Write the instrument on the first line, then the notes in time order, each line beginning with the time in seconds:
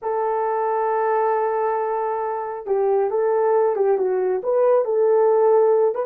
horn
0.02 A4
2.66 G4
3.10 A4
3.75 G4
3.97 F#4
4.43 B4
4.84 A4
5.94 B4